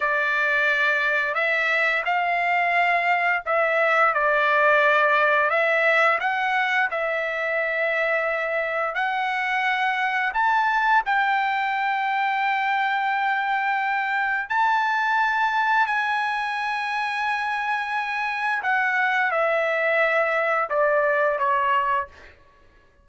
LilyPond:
\new Staff \with { instrumentName = "trumpet" } { \time 4/4 \tempo 4 = 87 d''2 e''4 f''4~ | f''4 e''4 d''2 | e''4 fis''4 e''2~ | e''4 fis''2 a''4 |
g''1~ | g''4 a''2 gis''4~ | gis''2. fis''4 | e''2 d''4 cis''4 | }